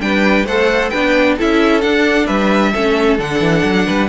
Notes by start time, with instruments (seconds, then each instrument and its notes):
0.00 cello G3, viola D4, violin B4 G5
0.45 cello A3, viola A4, violin C5 F#5
0.90 cello B3, viola D4, violin B4 G5
1.38 cello C#4, viola E4, violin A4 E5
1.81 viola D4, cello D4, violin F#5
2.26 cello G3, violin B4 E5
2.73 cello A3, viola C#4, violin A4
3.19 cello D3, viola D4, violin F#5
3.40 cello E3
3.64 cello F#3
3.86 cello G3, violin B4